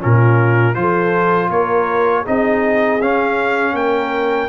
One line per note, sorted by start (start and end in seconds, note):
0.00 0.76 A#2
0.00 0.75 C#4
0.00 0.76 F4
0.00 0.75 A#4
0.75 1.49 F3
0.75 2.25 F4
0.75 1.49 A4
0.75 1.50 C5
1.49 2.24 A#3
1.49 2.23 A#4
1.49 2.25 C#5
2.23 3.02 C4
2.23 3.00 D#4
2.23 3.73 G#4
2.23 3.01 D#5
3.01 3.73 C#4
3.01 4.49 C#4
3.01 3.76 F5
3.73 4.48 A#3
3.73 4.49 A#4
3.73 4.49 G5